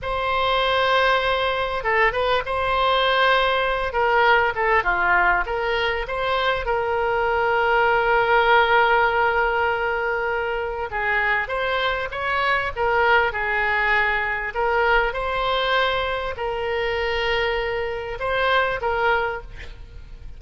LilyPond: \new Staff \with { instrumentName = "oboe" } { \time 4/4 \tempo 4 = 99 c''2. a'8 b'8 | c''2~ c''8 ais'4 a'8 | f'4 ais'4 c''4 ais'4~ | ais'1~ |
ais'2 gis'4 c''4 | cis''4 ais'4 gis'2 | ais'4 c''2 ais'4~ | ais'2 c''4 ais'4 | }